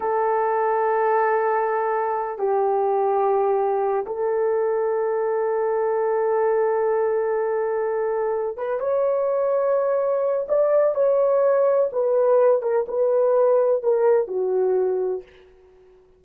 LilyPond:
\new Staff \with { instrumentName = "horn" } { \time 4/4 \tempo 4 = 126 a'1~ | a'4 g'2.~ | g'8 a'2.~ a'8~ | a'1~ |
a'2 b'8 cis''4.~ | cis''2 d''4 cis''4~ | cis''4 b'4. ais'8 b'4~ | b'4 ais'4 fis'2 | }